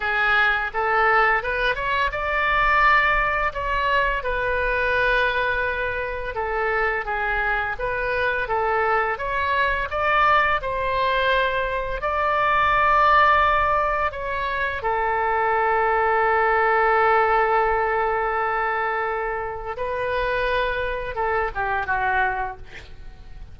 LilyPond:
\new Staff \with { instrumentName = "oboe" } { \time 4/4 \tempo 4 = 85 gis'4 a'4 b'8 cis''8 d''4~ | d''4 cis''4 b'2~ | b'4 a'4 gis'4 b'4 | a'4 cis''4 d''4 c''4~ |
c''4 d''2. | cis''4 a'2.~ | a'1 | b'2 a'8 g'8 fis'4 | }